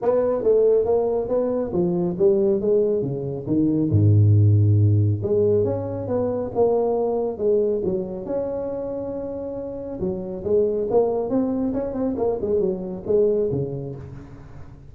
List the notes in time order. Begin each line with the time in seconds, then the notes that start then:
0.02 B3
0.43 A3
0.85 A#3
1.28 B3
1.73 F3
2.18 G3
2.60 G#3
3.02 C#3
3.46 D#3
3.90 G#2
5.22 G#3
5.64 C#4
6.07 B3
6.54 A#3
7.38 G#3
7.84 F#3
8.25 C#4
10.00 F#3
10.44 G#3
10.90 A#3
11.29 C4
11.73 C#4
11.93 C4
12.17 A#3
12.41 G#3
12.59 F#3
13.06 G#3
13.51 C#3